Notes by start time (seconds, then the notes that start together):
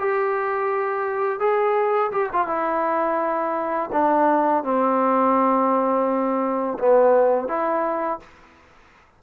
0.00 G4
1.40 G#4
2.12 G4
2.33 F4
2.47 E4
3.93 D4
4.64 C4
6.79 B3
7.48 E4